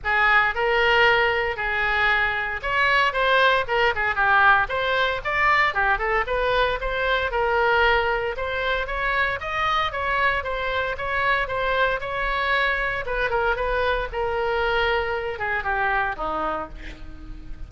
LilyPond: \new Staff \with { instrumentName = "oboe" } { \time 4/4 \tempo 4 = 115 gis'4 ais'2 gis'4~ | gis'4 cis''4 c''4 ais'8 gis'8 | g'4 c''4 d''4 g'8 a'8 | b'4 c''4 ais'2 |
c''4 cis''4 dis''4 cis''4 | c''4 cis''4 c''4 cis''4~ | cis''4 b'8 ais'8 b'4 ais'4~ | ais'4. gis'8 g'4 dis'4 | }